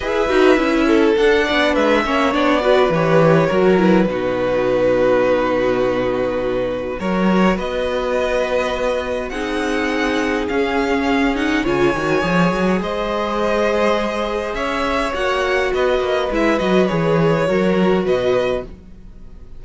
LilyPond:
<<
  \new Staff \with { instrumentName = "violin" } { \time 4/4 \tempo 4 = 103 e''2 fis''4 e''4 | d''4 cis''4. b'4.~ | b'1 | cis''4 dis''2. |
fis''2 f''4. fis''8 | gis''2 dis''2~ | dis''4 e''4 fis''4 dis''4 | e''8 dis''8 cis''2 dis''4 | }
  \new Staff \with { instrumentName = "violin" } { \time 4/4 b'4. a'4 d''8 b'8 cis''8~ | cis''8 b'4. ais'4 fis'4~ | fis'1 | ais'4 b'2. |
gis'1 | cis''2 c''2~ | c''4 cis''2 b'4~ | b'2 ais'4 b'4 | }
  \new Staff \with { instrumentName = "viola" } { \time 4/4 gis'8 fis'8 e'4 d'4. cis'8 | d'8 fis'8 g'4 fis'8 e'8 dis'4~ | dis'1 | fis'1 |
dis'2 cis'4. dis'8 | f'8 fis'8 gis'2.~ | gis'2 fis'2 | e'8 fis'8 gis'4 fis'2 | }
  \new Staff \with { instrumentName = "cello" } { \time 4/4 e'8 dis'8 cis'4 d'8 b8 gis8 ais8 | b4 e4 fis4 b,4~ | b,1 | fis4 b2. |
c'2 cis'2 | cis8 dis8 f8 fis8 gis2~ | gis4 cis'4 ais4 b8 ais8 | gis8 fis8 e4 fis4 b,4 | }
>>